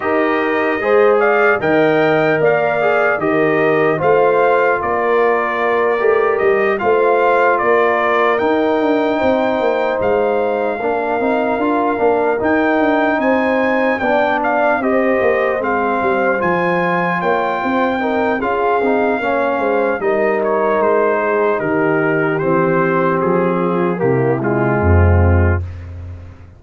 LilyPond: <<
  \new Staff \with { instrumentName = "trumpet" } { \time 4/4 \tempo 4 = 75 dis''4. f''8 g''4 f''4 | dis''4 f''4 d''2 | dis''8 f''4 d''4 g''4.~ | g''8 f''2. g''8~ |
g''8 gis''4 g''8 f''8 dis''4 f''8~ | f''8 gis''4 g''4. f''4~ | f''4 dis''8 cis''8 c''4 ais'4 | c''4 gis'4 g'8 f'4. | }
  \new Staff \with { instrumentName = "horn" } { \time 4/4 ais'4 c''8 d''8 dis''4 d''4 | ais'4 c''4 ais'2~ | ais'8 c''4 ais'2 c''8~ | c''4. ais'2~ ais'8~ |
ais'8 c''4 d''4 c''4.~ | c''4. cis''8 c''8 ais'8 gis'4 | cis''8 c''8 ais'4. gis'8 g'4~ | g'4. f'8 e'4 c'4 | }
  \new Staff \with { instrumentName = "trombone" } { \time 4/4 g'4 gis'4 ais'4. gis'8 | g'4 f'2~ f'8 g'8~ | g'8 f'2 dis'4.~ | dis'4. d'8 dis'8 f'8 d'8 dis'8~ |
dis'4. d'4 g'4 c'8~ | c'8 f'2 dis'8 f'8 dis'8 | cis'4 dis'2. | c'2 ais8 gis4. | }
  \new Staff \with { instrumentName = "tuba" } { \time 4/4 dis'4 gis4 dis4 ais4 | dis4 a4 ais4. a8 | g8 a4 ais4 dis'8 d'8 c'8 | ais8 gis4 ais8 c'8 d'8 ais8 dis'8 |
d'8 c'4 b4 c'8 ais8 gis8 | g8 f4 ais8 c'4 cis'8 c'8 | ais8 gis8 g4 gis4 dis4 | e4 f4 c4 f,4 | }
>>